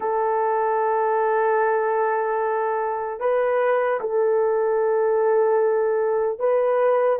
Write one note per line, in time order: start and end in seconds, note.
0.00 3.20 A4
3.20 4.00 B4
4.00 6.39 A4
6.39 7.19 B4